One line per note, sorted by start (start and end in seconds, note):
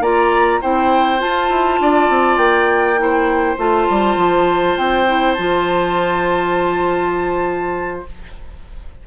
0.00 0.59 A#3
0.00 0.62 F4
0.00 0.61 D5
0.00 0.62 A#5
0.61 1.23 C4
0.61 1.19 E4
0.61 1.80 C5
0.61 1.21 G5
1.19 2.97 F4
1.19 1.50 F4
1.19 2.38 A5
1.50 1.79 E4
1.80 2.10 D4
1.80 3.00 D5
2.10 2.37 C4
2.37 3.56 A#3
2.37 3.56 G5
2.98 3.57 E4
2.98 8.07 C5
3.58 3.88 A3
3.58 5.07 F4
3.58 4.78 A5
3.90 4.17 G3
4.17 4.76 F3
4.78 5.38 C4
4.78 5.34 G5
5.07 5.37 E4
5.34 8.06 F3
5.34 8.06 F4
5.34 8.01 A5